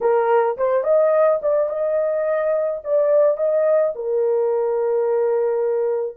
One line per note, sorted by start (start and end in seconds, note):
0.01 0.57 A#4
0.57 0.83 C5
0.83 1.39 D#5
1.42 1.69 D5
1.69 2.81 D#5
2.83 3.37 D5
3.37 3.93 D#5
3.95 6.16 A#4